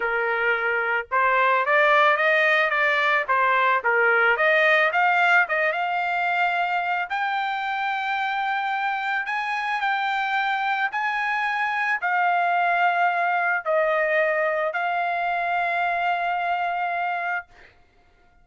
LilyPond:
\new Staff \with { instrumentName = "trumpet" } { \time 4/4 \tempo 4 = 110 ais'2 c''4 d''4 | dis''4 d''4 c''4 ais'4 | dis''4 f''4 dis''8 f''4.~ | f''4 g''2.~ |
g''4 gis''4 g''2 | gis''2 f''2~ | f''4 dis''2 f''4~ | f''1 | }